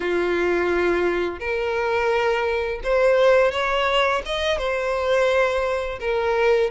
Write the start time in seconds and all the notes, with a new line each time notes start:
0.00 F4
1.39 A#4
2.83 C5
3.51 C#5
4.25 D#5
4.58 C5
5.99 A#4